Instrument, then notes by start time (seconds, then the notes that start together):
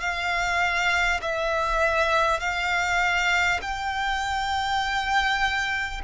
violin
0.00 F5
1.21 E5
2.39 F5
3.62 G5